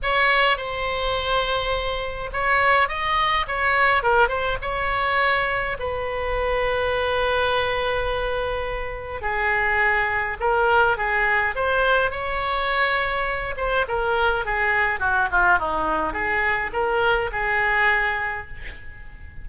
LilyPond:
\new Staff \with { instrumentName = "oboe" } { \time 4/4 \tempo 4 = 104 cis''4 c''2. | cis''4 dis''4 cis''4 ais'8 c''8 | cis''2 b'2~ | b'1 |
gis'2 ais'4 gis'4 | c''4 cis''2~ cis''8 c''8 | ais'4 gis'4 fis'8 f'8 dis'4 | gis'4 ais'4 gis'2 | }